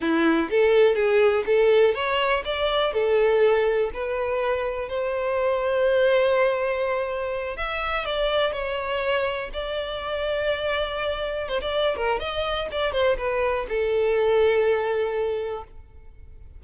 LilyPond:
\new Staff \with { instrumentName = "violin" } { \time 4/4 \tempo 4 = 123 e'4 a'4 gis'4 a'4 | cis''4 d''4 a'2 | b'2 c''2~ | c''2.~ c''8 e''8~ |
e''8 d''4 cis''2 d''8~ | d''2.~ d''8 c''16 d''16~ | d''8 ais'8 dis''4 d''8 c''8 b'4 | a'1 | }